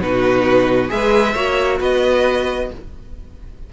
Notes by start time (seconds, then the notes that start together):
0.00 B2 D#4 F#4 B4
0.89 G#3 G#4 B4 E5
1.34 A#3 F#4 C#5
1.80 B3 B4 D#5